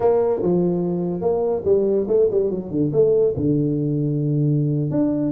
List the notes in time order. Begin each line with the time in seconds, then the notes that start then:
0.00 A#3
0.42 F3
1.21 A#3
1.64 G3
2.07 A3
2.30 G3
2.50 F#3
2.70 D3
2.92 A3
3.36 D3
4.90 D4